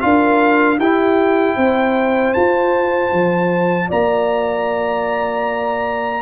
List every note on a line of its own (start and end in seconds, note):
0.00 0.79 D4
0.00 0.78 F4
0.00 0.79 A#4
0.00 0.79 F5
0.79 1.57 E4
0.79 2.36 E4
0.79 1.56 G4
0.79 2.34 G5
1.56 2.35 C4
1.56 3.88 C5
2.34 6.22 F4
2.34 3.12 F4
2.34 3.89 A5
3.12 3.90 F3
3.88 6.22 A#3
3.88 6.22 D5
3.88 6.22 A#5